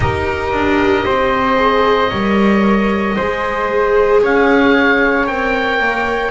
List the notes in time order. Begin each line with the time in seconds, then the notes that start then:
0.00 D#4 G4 A#4 D#5
0.52 D4
1.05 C4 C5
1.55 G#4
2.09 G3 A#4 C#5
3.16 G#3 G#4 C5
4.22 C#4 C#5 F5
5.26 C4 A#4 G5
5.79 A#3